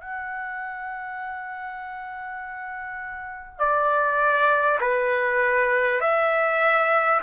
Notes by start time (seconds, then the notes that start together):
0.00 F#5
3.59 D5
4.81 B4
6.01 E5